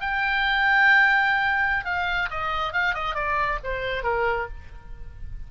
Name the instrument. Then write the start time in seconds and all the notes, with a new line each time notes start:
oboe
0.00 G5
1.84 F5
2.30 D#5
2.72 F5
2.94 D#5
3.14 D5
3.63 C5
4.03 A#4